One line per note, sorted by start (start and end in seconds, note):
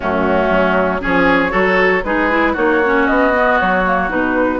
0.00 0.49 F#2
0.00 1.00 A3
0.00 1.01 C#4
0.00 1.00 F#4
0.49 1.01 F#3
1.00 1.53 F3
1.00 1.49 C#4
1.00 1.51 G#4
1.00 2.04 C#5
1.49 2.03 F#3
1.49 2.00 F#4
1.49 2.02 A4
2.03 2.55 G#3
2.03 2.30 D#4
2.03 2.52 G#4
2.03 2.55 B4
2.30 2.55 E4
2.52 3.07 A#3
2.52 2.81 D#4
2.52 4.58 F#4
2.52 3.06 C#5
2.84 3.33 C#4
3.06 3.60 B3
3.06 3.58 D#5
3.33 3.84 B3
3.58 4.10 F#3
3.58 4.10 C#5
3.85 4.09 A#3
4.09 4.60 B2
4.09 4.60 D#4
4.09 4.60 B4